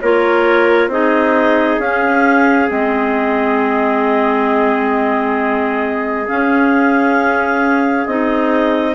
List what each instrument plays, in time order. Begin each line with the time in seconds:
0.00 bassoon A#3, clarinet F4 C#5, trumpet A#4
0.87 bassoon C4, clarinet D#4 D#5, trumpet G#4
1.78 bassoon C#4, clarinet C#4 F5
2.67 bassoon G#3, clarinet C4 D#5
6.27 clarinet C#4 F5, bassoon C#4
8.05 bassoon C4, clarinet D#4 D#5